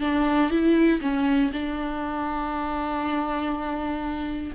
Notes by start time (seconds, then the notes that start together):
0.00 D4
0.50 E4
1.01 C#4
1.53 D4